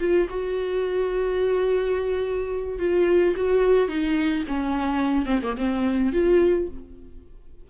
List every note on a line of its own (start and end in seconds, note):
0.00 0.28 F4
0.29 2.79 F#4
2.79 3.34 F4
3.36 3.88 F#4
3.88 4.44 D#4
4.48 5.26 C#4
5.26 5.40 C4
5.42 5.56 A#3
5.57 6.13 C4
6.13 6.68 F4